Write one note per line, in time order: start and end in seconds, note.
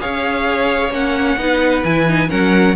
0.00 0.91 C#4
0.00 0.92 G#4
0.00 1.39 C#5
0.00 0.92 F5
0.91 1.36 A#3
0.91 1.38 C#4
0.91 1.84 F#5
1.37 1.83 B3
1.37 1.84 D#4
1.37 2.30 B4
1.84 2.30 E3
1.84 2.08 E4
1.84 2.30 G#5
2.08 2.29 D#4
2.29 2.76 F#3
2.29 2.75 C#4
2.29 2.76 A#4
2.29 2.76 F#5